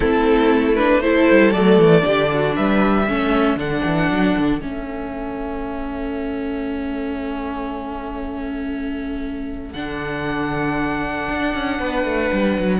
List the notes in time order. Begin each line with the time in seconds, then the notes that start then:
0.00 A3 C4 E4 A4
0.75 D4 B4
1.00 E4 A4 C5
1.30 G3
1.51 F#3 A3 D5
1.78 E3
2.01 D3 D4 G4
2.33 F#4
2.56 G3 B4 E5
3.06 A3 C#4 A4
3.55 D3 D4 F#5
3.84 E3
4.09 F#3
4.38 D3
4.60 A3 C#4 E5
9.73 D3 D4 F#5
11.29 D4
11.54 C#4
11.79 B3 B4
12.04 A3
12.32 G3
12.58 F#3